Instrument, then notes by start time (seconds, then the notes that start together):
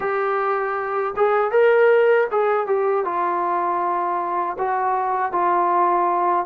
trombone
0.00 G4
1.16 G#4
1.51 A#4
2.31 G#4
2.66 G4
3.04 F4
4.58 F#4
5.32 F4